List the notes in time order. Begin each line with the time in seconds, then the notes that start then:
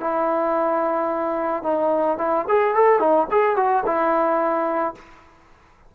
0.00 E4
1.63 D#4
2.18 E4
2.48 G#4
2.74 A4
2.99 D#4
3.30 G#4
3.56 F#4
3.86 E4